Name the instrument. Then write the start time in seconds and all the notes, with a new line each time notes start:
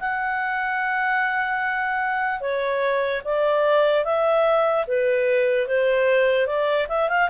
clarinet
0.00 F#5
2.41 C#5
3.25 D5
4.05 E5
4.87 B4
5.68 C5
6.47 D5
6.89 E5
7.09 F5